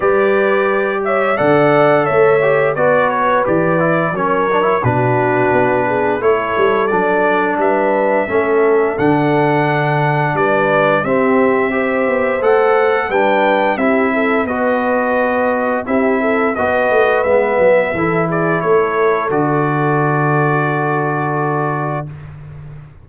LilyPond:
<<
  \new Staff \with { instrumentName = "trumpet" } { \time 4/4 \tempo 4 = 87 d''4. e''8 fis''4 e''4 | d''8 cis''8 d''4 cis''4 b'4~ | b'4 cis''4 d''4 e''4~ | e''4 fis''2 d''4 |
e''2 fis''4 g''4 | e''4 dis''2 e''4 | dis''4 e''4. d''8 cis''4 | d''1 | }
  \new Staff \with { instrumentName = "horn" } { \time 4/4 b'4. cis''8 d''4 cis''4 | b'2 ais'4 fis'4~ | fis'8 gis'8 a'2 b'4 | a'2. b'4 |
g'4 c''2 b'4 | g'8 a'8 b'2 g'8 a'8 | b'2 a'8 gis'8 a'4~ | a'1 | }
  \new Staff \with { instrumentName = "trombone" } { \time 4/4 g'2 a'4. g'8 | fis'4 g'8 e'8 cis'8 d'16 e'16 d'4~ | d'4 e'4 d'2 | cis'4 d'2. |
c'4 g'4 a'4 d'4 | e'4 fis'2 e'4 | fis'4 b4 e'2 | fis'1 | }
  \new Staff \with { instrumentName = "tuba" } { \time 4/4 g2 d4 a4 | b4 e4 fis4 b,4 | b4 a8 g8 fis4 g4 | a4 d2 g4 |
c'4. b8 a4 g4 | c'4 b2 c'4 | b8 a8 gis8 fis8 e4 a4 | d1 | }
>>